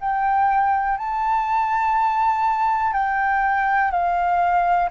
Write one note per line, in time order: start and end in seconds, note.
0.00 0.97 G5
0.97 2.93 A5
2.93 3.91 G5
3.91 4.90 F5